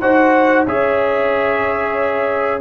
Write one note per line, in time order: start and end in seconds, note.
0.00 0.66 D#4
0.00 0.67 F#4
0.00 0.65 C5
0.00 0.65 F#5
0.65 2.61 C#4
0.65 2.61 G#4
0.65 2.61 C#5
0.65 2.61 E5